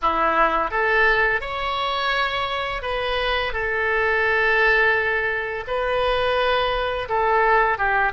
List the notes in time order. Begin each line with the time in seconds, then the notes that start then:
0.02 E4
0.71 A4
1.41 C#5
2.82 B4
3.52 A4
5.67 B4
7.08 A4
7.78 G4